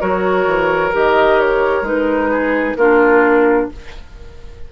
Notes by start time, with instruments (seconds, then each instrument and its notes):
0.00 bassoon F#3, clarinet F#4, oboe A#4, flute C#5
0.47 bassoon E3
0.93 bassoon D#3, clarinet G4, flute D#5
1.40 flute C#5
1.82 bassoon G#3, clarinet D#4, flute B4
2.31 oboe G#4
2.76 bassoon A#3, clarinet D4, oboe F4, flute A#4